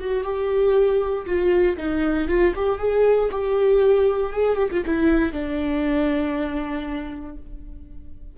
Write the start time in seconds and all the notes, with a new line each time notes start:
0.00 F#4
0.24 G4
1.26 F4
1.77 D#4
2.28 F4
2.56 G4
2.79 G#4
3.31 G4
4.33 G#4
4.56 G4
4.72 F4
4.85 E4
5.33 D4